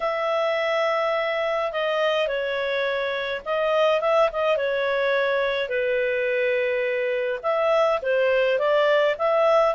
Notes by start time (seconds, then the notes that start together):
0.00 E5
1.72 D#5
2.27 C#5
3.45 D#5
4.01 E5
4.32 D#5
4.56 C#5
5.68 B4
7.42 E5
8.02 C5
8.58 D5
9.18 E5